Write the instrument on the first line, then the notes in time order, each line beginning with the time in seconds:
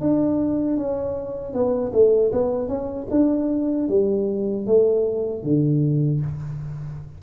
tuba
0.00 D4
0.77 C#4
1.53 B3
1.92 A3
2.32 B3
2.68 C#4
3.10 D4
3.88 G3
4.66 A3
5.43 D3